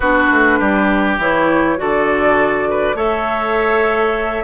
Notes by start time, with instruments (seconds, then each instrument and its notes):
0.00 bassoon B3, clarinet D4, oboe F#4, flute B4
0.30 bassoon A3
0.59 bassoon G3, oboe G4
1.17 bassoon E3, clarinet E4, flute C#5
1.76 bassoon D3, clarinet F#4, oboe A4, flute D5
2.69 oboe B4
2.94 bassoon A3, clarinet A4, oboe C#5, flute E5